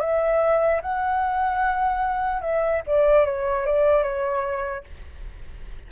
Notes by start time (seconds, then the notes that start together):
0.00 E5
0.82 F#5
2.41 E5
2.86 D5
3.25 C#5
3.66 D5
4.03 C#5